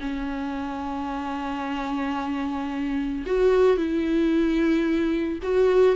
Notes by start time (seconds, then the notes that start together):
0.00 C#4
3.26 F#4
3.77 E4
5.42 F#4